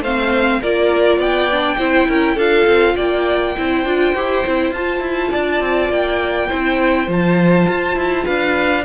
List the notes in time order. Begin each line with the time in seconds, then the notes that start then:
0.00 A3 C4 C5 F5
0.61 A#3 F4 A#4 D5
1.18 B3 D5 G5
1.52 D4
1.78 C4 E4 C5
2.09 C#4 A#4
2.36 D4 F4 A4 F5
2.67 C4
2.96 A#3 D5 G5
3.57 C4 E4 C5
3.85 D4 F4
4.15 E4 G4
4.46 C4 E4
4.71 F4 A5
4.77 F4
5.00 E4
5.31 D4 D5
5.61 C4
5.89 A#3 G5
6.49 C4 E4 C5
7.07 F3 F4 A5
7.68 F4
7.96 E4
8.25 D4 B4 F5